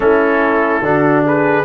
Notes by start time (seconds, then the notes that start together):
0.00 A3 C#4 E4 A4
0.81 D3 D4 F#4
1.25 G#4 B4